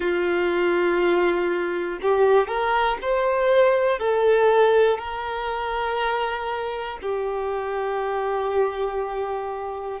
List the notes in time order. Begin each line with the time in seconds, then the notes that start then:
0.00 F4
2.02 G4
2.47 A#4
3.01 C5
3.99 A4
4.98 A#4
7.02 G4